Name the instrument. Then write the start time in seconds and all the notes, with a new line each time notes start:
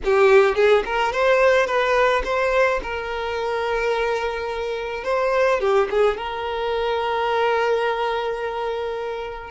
violin
0.04 G4
0.55 G#4
0.85 A#4
1.12 C5
1.66 B4
2.24 C5
2.82 A#4
5.04 C5
5.60 G4
5.90 G#4
6.17 A#4